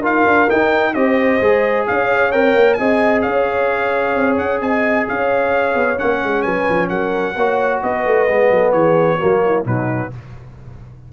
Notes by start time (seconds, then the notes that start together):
0.00 D#4 F4 A#4 F5
0.25 D4
0.48 D#4 G5
0.94 C4 G4 C5 D#5
1.41 G#3 G#4
1.87 C#4 C#5 F5
2.31 C4 A#4 G5
2.54 A#3
2.74 C4 G#4 D#5 G#5
3.21 C#4 C#5 F5
4.15 C4
4.37 C#4 F#5
4.60 C4 D#5 G#5
5.08 C#4 C#5 F5
5.74 B3
5.96 A#3 C#4 F#5
6.23 G#3
6.42 F#3 B4 G#5
6.69 F3
6.89 F#3 A#4 F#5
7.36 A#3 F#4 C#5
7.82 B3 B4 D#5
8.05 A3
8.27 G#3 B3
8.50 F#3 A4
8.71 E3 G#4 C#5
9.17 F#3 A#3 F#4
9.45 E4
9.65 B2 F#3 D#4 B4